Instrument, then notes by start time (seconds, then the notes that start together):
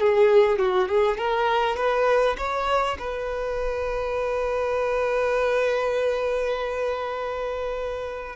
violin
0.00 G#4
0.59 F#4
0.88 G#4
1.18 A#4
1.76 B4
2.38 C#5
2.99 B4